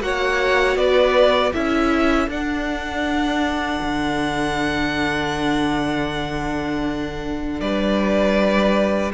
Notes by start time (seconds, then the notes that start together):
0.00 A#3 F#4 C#5 F#5
0.75 B3 B4 D5
1.53 C#4 E4 A4 E5
2.27 D4 F#5
3.81 D3
7.60 G3 B4 D5